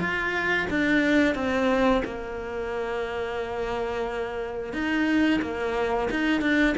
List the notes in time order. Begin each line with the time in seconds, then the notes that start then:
0.00 F4
0.70 D4
1.35 C4
2.05 A#3
4.73 D#4
5.42 A#3
6.11 D#4
6.42 D4